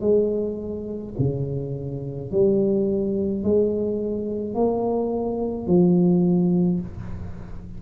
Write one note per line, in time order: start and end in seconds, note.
0.00 1.13 G#3
1.18 2.32 C#3
2.32 3.43 G3
3.43 4.54 G#3
4.54 5.67 A#3
5.67 6.80 F3